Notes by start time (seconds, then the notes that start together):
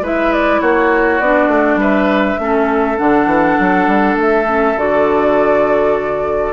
0.00 G#3 E4 B4 E5
0.32 D5
0.60 A#3 F#4 C#5
1.19 B3 D4 D5
1.47 A3
1.75 G3 B4 E5
2.38 A3 C#4 A4
2.97 D3 D4 F#5
3.25 E3
3.59 F#3
3.87 G3
4.15 A3 E5
4.46 C#4
4.76 D3 F#4 D5